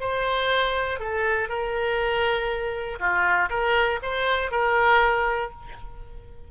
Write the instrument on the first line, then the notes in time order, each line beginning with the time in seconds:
oboe
0.00 C5
1.00 A4
1.48 A#4
2.99 F4
3.49 A#4
4.02 C5
4.51 A#4